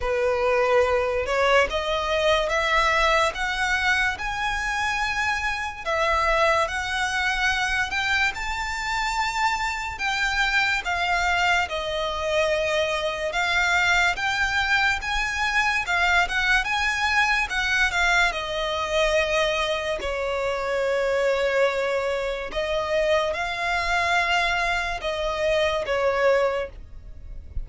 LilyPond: \new Staff \with { instrumentName = "violin" } { \time 4/4 \tempo 4 = 72 b'4. cis''8 dis''4 e''4 | fis''4 gis''2 e''4 | fis''4. g''8 a''2 | g''4 f''4 dis''2 |
f''4 g''4 gis''4 f''8 fis''8 | gis''4 fis''8 f''8 dis''2 | cis''2. dis''4 | f''2 dis''4 cis''4 | }